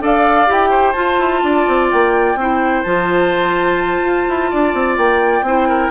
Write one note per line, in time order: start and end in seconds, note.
0.00 0.48 D4
0.00 0.47 A4
0.00 0.70 D5
0.00 0.51 F5
0.47 0.95 E4
0.47 0.94 G4
0.47 0.92 G5
0.70 1.41 C5
0.92 2.37 F4
0.92 1.19 F4
0.92 1.87 A5
1.19 1.42 E4
1.43 1.66 D4
1.43 2.39 D5
1.68 1.92 C4
1.91 2.35 A#3
1.91 2.83 G5
2.35 2.83 C4
2.35 2.85 E4
2.35 4.51 C5
2.83 4.01 F3
2.83 5.45 F4
2.83 4.95 A5
4.01 4.25 F4
4.29 4.52 E4
4.51 4.74 D4
4.51 5.45 D5
4.74 4.97 C4
4.97 5.42 A#3
4.97 5.90 G5
5.42 5.89 C4
5.42 5.90 E4
5.42 5.68 C5
5.68 5.90 A#4